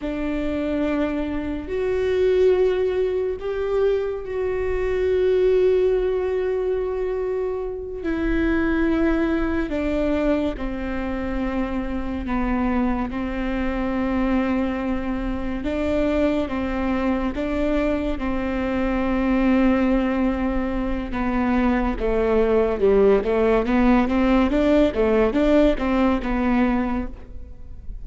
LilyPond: \new Staff \with { instrumentName = "viola" } { \time 4/4 \tempo 4 = 71 d'2 fis'2 | g'4 fis'2.~ | fis'4. e'2 d'8~ | d'8 c'2 b4 c'8~ |
c'2~ c'8 d'4 c'8~ | c'8 d'4 c'2~ c'8~ | c'4 b4 a4 g8 a8 | b8 c'8 d'8 a8 d'8 c'8 b4 | }